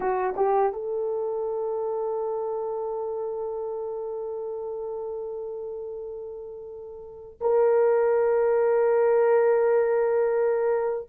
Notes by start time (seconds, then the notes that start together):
0.00 F#4
0.36 G4
0.72 A4
7.40 A#4